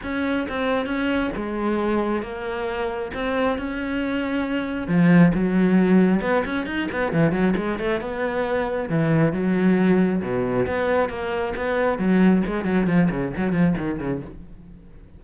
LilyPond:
\new Staff \with { instrumentName = "cello" } { \time 4/4 \tempo 4 = 135 cis'4 c'4 cis'4 gis4~ | gis4 ais2 c'4 | cis'2. f4 | fis2 b8 cis'8 dis'8 b8 |
e8 fis8 gis8 a8 b2 | e4 fis2 b,4 | b4 ais4 b4 fis4 | gis8 fis8 f8 cis8 fis8 f8 dis8 cis8 | }